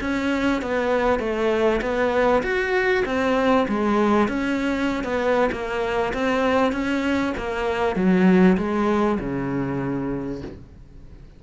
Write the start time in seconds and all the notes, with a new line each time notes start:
0.00 C#4
0.62 B3
1.19 A3
1.81 B3
2.43 F#4
3.05 C4
3.68 G#3
4.28 C#4
5.03 B3
5.52 A#3
6.13 C4
6.72 C#4
7.37 A#3
7.95 F#3
8.57 G#3
9.19 C#3